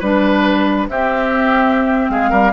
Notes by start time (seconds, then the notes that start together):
0.00 G3 D4 B4
0.89 C4 G4 E5
2.10 G#3 G#4 F5
2.30 G3 A#4